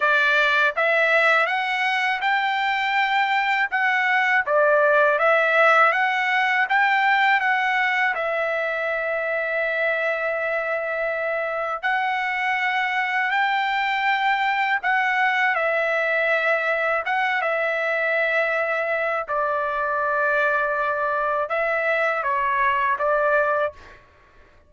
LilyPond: \new Staff \with { instrumentName = "trumpet" } { \time 4/4 \tempo 4 = 81 d''4 e''4 fis''4 g''4~ | g''4 fis''4 d''4 e''4 | fis''4 g''4 fis''4 e''4~ | e''1 |
fis''2 g''2 | fis''4 e''2 fis''8 e''8~ | e''2 d''2~ | d''4 e''4 cis''4 d''4 | }